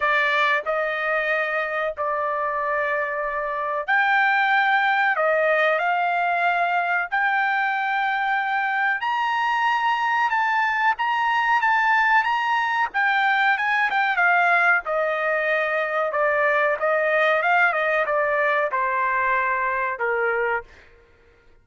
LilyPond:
\new Staff \with { instrumentName = "trumpet" } { \time 4/4 \tempo 4 = 93 d''4 dis''2 d''4~ | d''2 g''2 | dis''4 f''2 g''4~ | g''2 ais''2 |
a''4 ais''4 a''4 ais''4 | g''4 gis''8 g''8 f''4 dis''4~ | dis''4 d''4 dis''4 f''8 dis''8 | d''4 c''2 ais'4 | }